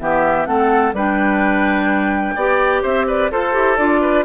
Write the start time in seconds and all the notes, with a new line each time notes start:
0.00 E3 B3 G4 E5
0.46 A3 C4 A4 F#5
0.93 G3 D4 B4 G5
2.36 B3 G4 D5
2.83 C4 C5 E5
3.08 B4 D5
3.31 F4 A4 C5
3.53 E4 G4
3.77 D4 F4 D5
4.01 B4